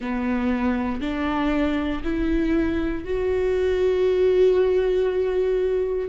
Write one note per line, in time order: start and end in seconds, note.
0.00 1.00 B3
1.00 2.02 D4
2.03 3.04 E4
3.04 6.08 F#4